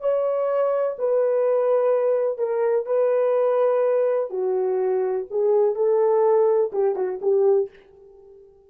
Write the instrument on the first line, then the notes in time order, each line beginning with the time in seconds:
horn
0.00 C#5
0.98 B4
2.38 A#4
2.86 B4
4.29 F#4
5.30 G#4
5.75 A4
6.72 G4
6.95 F#4
7.21 G4